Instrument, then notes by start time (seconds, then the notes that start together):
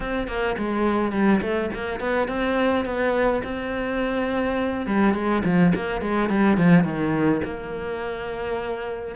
cello
0.00 C4
0.27 A#3
0.57 G#3
1.12 G3
1.41 A3
1.74 A#3
2.00 B3
2.28 C4
2.85 B3
3.43 C4
4.86 G3
5.14 G#3
5.44 F3
5.75 A#3
6.01 G#3
6.29 G3
6.57 F3
6.84 D#3
7.44 A#3